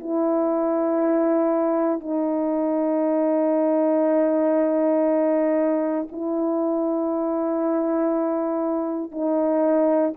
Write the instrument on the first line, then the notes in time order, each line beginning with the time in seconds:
horn
0.00 E4
2.00 D#4
6.12 E4
9.12 D#4